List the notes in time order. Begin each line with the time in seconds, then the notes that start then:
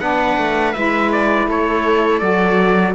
0.00 B3 D4 B4 F#5
0.37 A3
0.73 G#3 E4 E5
1.12 D5
1.47 A3 A4 C#5
2.19 F#3 F#4 D5